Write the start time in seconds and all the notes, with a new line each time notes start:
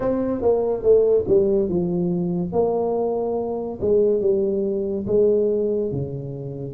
0.00 C4
0.41 A#3
0.82 A3
1.27 G3
1.69 F3
2.52 A#3
3.81 G#3
4.21 G3
5.07 G#3
5.91 C#3